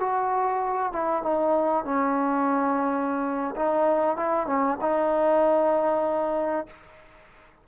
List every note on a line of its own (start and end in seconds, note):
0.00 0.93 F#4
0.93 1.23 E4
1.23 1.85 D#4
1.85 3.55 C#4
3.56 4.17 D#4
4.17 4.47 E4
4.47 4.78 C#4
4.81 6.67 D#4